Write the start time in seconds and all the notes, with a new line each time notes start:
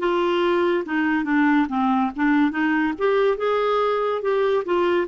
0.00 F4
0.86 D#4
1.25 D4
1.69 C4
2.16 D4
2.51 D#4
2.99 G4
3.38 G#4
4.22 G4
4.66 F4